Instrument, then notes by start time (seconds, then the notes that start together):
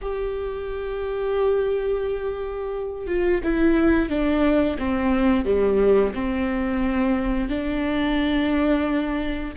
viola
0.01 G4
3.07 F4
3.43 E4
4.09 D4
4.78 C4
5.45 G3
6.14 C4
7.48 D4